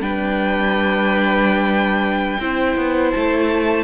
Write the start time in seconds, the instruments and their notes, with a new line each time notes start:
0.00 cello G3, viola D4, violin B4 G5
2.39 cello C4, viola E4, violin C5
2.76 cello B3
3.11 cello A3, violin A5